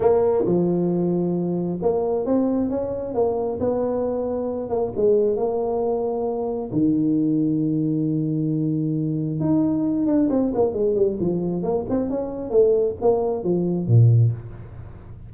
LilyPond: \new Staff \with { instrumentName = "tuba" } { \time 4/4 \tempo 4 = 134 ais4 f2. | ais4 c'4 cis'4 ais4 | b2~ b8 ais8 gis4 | ais2. dis4~ |
dis1~ | dis4 dis'4. d'8 c'8 ais8 | gis8 g8 f4 ais8 c'8 cis'4 | a4 ais4 f4 ais,4 | }